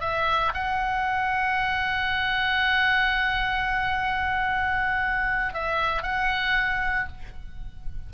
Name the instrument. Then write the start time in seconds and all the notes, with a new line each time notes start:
oboe
0.00 E5
0.54 F#5
5.53 E5
6.02 F#5